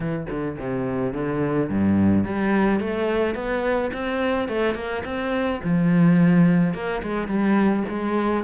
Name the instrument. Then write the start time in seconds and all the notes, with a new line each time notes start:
cello
0.00 E3
0.30 D3
0.58 C3
1.13 D3
1.69 G2
2.24 G3
2.80 A3
3.34 B3
3.93 C4
4.48 A3
4.75 A#3
5.04 C4
5.63 F3
6.73 A#3
7.02 G#3
7.27 G3
7.89 G#3